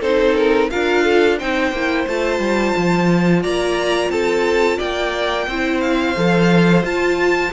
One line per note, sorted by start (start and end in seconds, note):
0.00 0.69 C4
0.00 0.70 D#4
0.00 0.68 A4
0.00 0.36 C5
0.36 0.70 A#4
0.70 1.41 D4
0.70 1.39 F4
0.70 1.03 A#4
0.70 1.38 F5
1.03 1.37 A4
1.37 1.71 C4
1.37 1.74 D#4
1.37 3.42 C5
1.37 2.07 G5
1.71 2.05 A#3
1.71 2.08 E4
2.07 2.39 A3
2.07 5.49 F4
2.07 3.42 A5
2.39 2.73 G3
2.76 3.44 F3
3.42 4.09 A#3
3.42 4.10 D5
3.42 4.10 A#5
4.09 4.77 C4
4.09 4.77 A4
4.09 4.78 A5
4.77 5.47 A#3
4.77 5.46 D5
4.77 5.80 G5
5.47 6.15 C4
5.47 6.16 E4
5.47 7.52 C5
5.80 6.83 F5
6.16 6.82 F3
6.16 6.83 A4
6.82 7.51 F4
6.82 7.52 A5